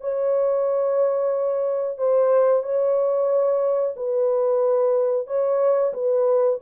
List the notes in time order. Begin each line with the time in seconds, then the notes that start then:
0.00 C#5
1.98 C5
2.63 C#5
3.96 B4
5.27 C#5
5.93 B4